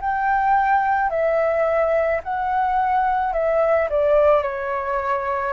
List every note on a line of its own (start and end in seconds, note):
0.00 1.10 G5
1.10 2.21 E5
2.23 3.33 F#5
3.33 3.88 E5
3.89 4.42 D5
4.42 5.53 C#5